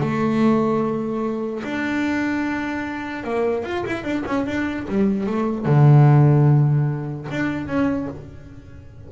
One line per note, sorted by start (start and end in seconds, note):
0.00 1.62 A3
1.63 3.23 D4
3.23 3.63 A#3
3.63 3.84 F4
3.86 4.03 E4
4.03 4.23 D4
4.26 4.46 C#4
4.46 4.86 D4
4.88 5.26 G3
5.26 5.65 A3
5.65 7.27 D3
7.30 7.67 D4
7.67 8.07 C#4